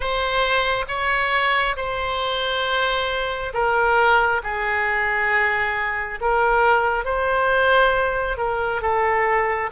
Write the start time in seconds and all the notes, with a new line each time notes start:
0.00 C5
0.87 C#5
1.76 C5
3.53 A#4
4.43 G#4
6.20 A#4
7.04 C5
8.37 A#4
8.81 A4